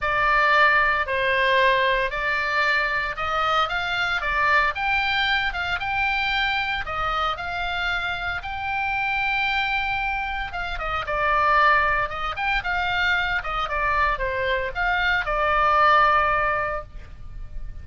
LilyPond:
\new Staff \with { instrumentName = "oboe" } { \time 4/4 \tempo 4 = 114 d''2 c''2 | d''2 dis''4 f''4 | d''4 g''4. f''8 g''4~ | g''4 dis''4 f''2 |
g''1 | f''8 dis''8 d''2 dis''8 g''8 | f''4. dis''8 d''4 c''4 | f''4 d''2. | }